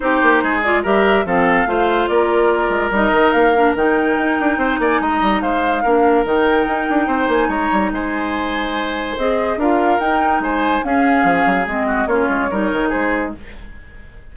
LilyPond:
<<
  \new Staff \with { instrumentName = "flute" } { \time 4/4 \tempo 4 = 144 c''4. d''8 e''4 f''4~ | f''4 d''2 dis''4 | f''4 g''2~ g''8 gis''8 | ais''4 f''2 g''4~ |
g''4. gis''8 ais''4 gis''4~ | gis''2 dis''4 f''4 | g''4 gis''4 f''2 | dis''4 cis''2 c''4 | }
  \new Staff \with { instrumentName = "oboe" } { \time 4/4 g'4 gis'4 ais'4 a'4 | c''4 ais'2.~ | ais'2. c''8 d''8 | dis''4 c''4 ais'2~ |
ais'4 c''4 cis''4 c''4~ | c''2. ais'4~ | ais'4 c''4 gis'2~ | gis'8 fis'8 f'4 ais'4 gis'4 | }
  \new Staff \with { instrumentName = "clarinet" } { \time 4/4 dis'4. f'8 g'4 c'4 | f'2. dis'4~ | dis'8 d'8 dis'2.~ | dis'2 d'4 dis'4~ |
dis'1~ | dis'2 gis'4 f'4 | dis'2 cis'2 | c'4 cis'4 dis'2 | }
  \new Staff \with { instrumentName = "bassoon" } { \time 4/4 c'8 ais8 gis4 g4 f4 | a4 ais4. gis8 g8 dis8 | ais4 dis4 dis'8 d'8 c'8 ais8 | gis8 g8 gis4 ais4 dis4 |
dis'8 d'8 c'8 ais8 gis8 g8 gis4~ | gis2 c'4 d'4 | dis'4 gis4 cis'4 f8 fis8 | gis4 ais8 gis8 g8 dis8 gis4 | }
>>